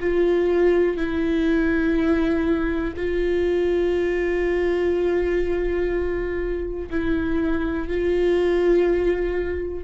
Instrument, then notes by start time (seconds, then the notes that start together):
viola
0.00 F4
0.97 E4
2.96 F4
6.90 E4
7.88 F4